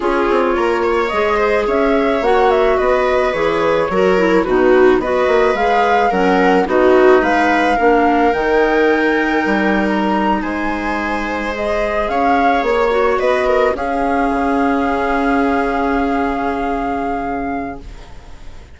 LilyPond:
<<
  \new Staff \with { instrumentName = "flute" } { \time 4/4 \tempo 4 = 108 cis''2 dis''4 e''4 | fis''8 e''8 dis''4 cis''2 | b'4 dis''4 f''4 fis''4 | dis''4 f''2 g''4~ |
g''4.~ g''16 ais''4 gis''4~ gis''16~ | gis''8. dis''4 f''4 cis''4 dis''16~ | dis''8. f''2.~ f''16~ | f''1 | }
  \new Staff \with { instrumentName = "viola" } { \time 4/4 gis'4 ais'8 cis''4 c''8 cis''4~ | cis''4 b'2 ais'4 | fis'4 b'2 ais'4 | fis'4 b'4 ais'2~ |
ais'2~ ais'8. c''4~ c''16~ | c''4.~ c''16 cis''2 b'16~ | b'16 ais'8 gis'2.~ gis'16~ | gis'1 | }
  \new Staff \with { instrumentName = "clarinet" } { \time 4/4 f'2 gis'2 | fis'2 gis'4 fis'8 e'8 | dis'4 fis'4 gis'4 cis'4 | dis'2 d'4 dis'4~ |
dis'1~ | dis'8. gis'2~ gis'8 fis'8.~ | fis'8. cis'2.~ cis'16~ | cis'1 | }
  \new Staff \with { instrumentName = "bassoon" } { \time 4/4 cis'8 c'8 ais4 gis4 cis'4 | ais4 b4 e4 fis4 | b,4 b8 ais8 gis4 fis4 | b4 gis4 ais4 dis4~ |
dis4 g4.~ g16 gis4~ gis16~ | gis4.~ gis16 cis'4 ais4 b16~ | b8. cis'4 cis2~ cis16~ | cis1 | }
>>